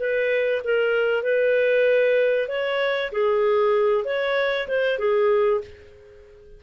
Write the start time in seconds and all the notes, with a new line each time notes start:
0.00 B4
0.65 A#4
1.24 B4
2.49 C#5
3.12 G#4
4.05 C#5
4.68 C5
4.99 G#4